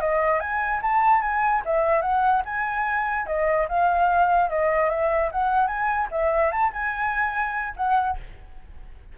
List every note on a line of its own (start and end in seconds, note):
0.00 0.40 D#5
0.40 0.81 G#5
0.81 1.21 A5
1.21 1.62 G#5
1.65 2.01 E5
2.01 2.42 F#5
2.45 3.26 G#5
3.26 3.67 D#5
3.68 4.49 F5
4.49 4.89 D#5
4.89 5.30 E5
5.31 5.67 F#5
5.67 6.08 G#5
6.11 6.51 E5
6.51 6.72 A5
6.72 7.74 G#5
7.76 8.17 F#5